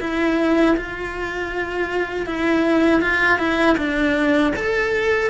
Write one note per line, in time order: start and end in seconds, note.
0.00 0.76 E4
0.76 2.26 F4
2.26 3.01 E4
3.01 3.38 F4
3.38 3.76 E4
3.77 4.53 D4
4.56 5.30 A4